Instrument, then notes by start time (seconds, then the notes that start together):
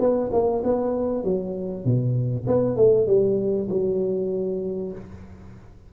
tuba
0.00 B3
0.33 A#3
0.64 B3
1.24 F#3
1.85 B2
2.47 B3
2.77 A3
3.07 G3
3.70 F#3